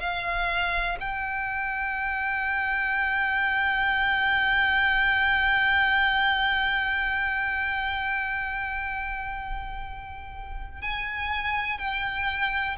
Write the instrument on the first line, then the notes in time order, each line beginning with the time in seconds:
violin
0.00 F5
1.00 G5
10.82 G#5
11.79 G5